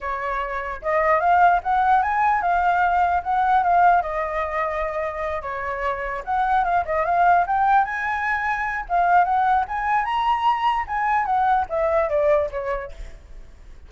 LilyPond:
\new Staff \with { instrumentName = "flute" } { \time 4/4 \tempo 4 = 149 cis''2 dis''4 f''4 | fis''4 gis''4 f''2 | fis''4 f''4 dis''2~ | dis''4. cis''2 fis''8~ |
fis''8 f''8 dis''8 f''4 g''4 gis''8~ | gis''2 f''4 fis''4 | gis''4 ais''2 gis''4 | fis''4 e''4 d''4 cis''4 | }